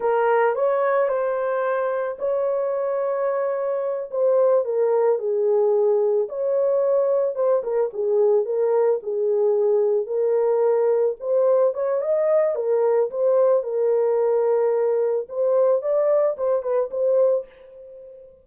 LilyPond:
\new Staff \with { instrumentName = "horn" } { \time 4/4 \tempo 4 = 110 ais'4 cis''4 c''2 | cis''2.~ cis''8 c''8~ | c''8 ais'4 gis'2 cis''8~ | cis''4. c''8 ais'8 gis'4 ais'8~ |
ais'8 gis'2 ais'4.~ | ais'8 c''4 cis''8 dis''4 ais'4 | c''4 ais'2. | c''4 d''4 c''8 b'8 c''4 | }